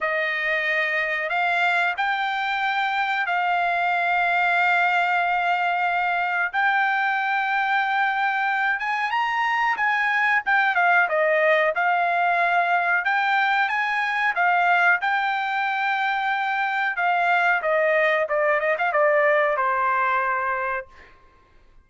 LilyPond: \new Staff \with { instrumentName = "trumpet" } { \time 4/4 \tempo 4 = 92 dis''2 f''4 g''4~ | g''4 f''2.~ | f''2 g''2~ | g''4. gis''8 ais''4 gis''4 |
g''8 f''8 dis''4 f''2 | g''4 gis''4 f''4 g''4~ | g''2 f''4 dis''4 | d''8 dis''16 f''16 d''4 c''2 | }